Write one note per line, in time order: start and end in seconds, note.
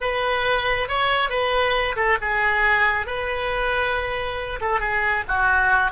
0.01 0.88 B4
0.88 1.29 C#5
1.29 1.95 B4
1.95 2.17 A4
2.21 3.06 G#4
3.06 4.59 B4
4.60 4.80 A4
4.80 5.24 G#4
5.28 5.91 F#4